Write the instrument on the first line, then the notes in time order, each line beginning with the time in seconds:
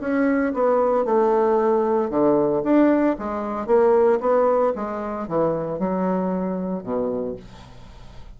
bassoon
0.00 C#4
0.53 B3
1.05 A3
2.10 D3
2.63 D4
3.18 G#3
3.66 A#3
4.20 B3
4.75 G#3
5.27 E3
5.79 F#3
6.83 B2